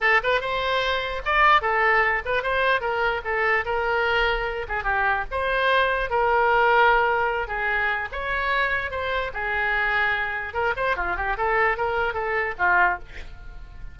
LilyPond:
\new Staff \with { instrumentName = "oboe" } { \time 4/4 \tempo 4 = 148 a'8 b'8 c''2 d''4 | a'4. b'8 c''4 ais'4 | a'4 ais'2~ ais'8 gis'8 | g'4 c''2 ais'4~ |
ais'2~ ais'8 gis'4. | cis''2 c''4 gis'4~ | gis'2 ais'8 c''8 f'8 g'8 | a'4 ais'4 a'4 f'4 | }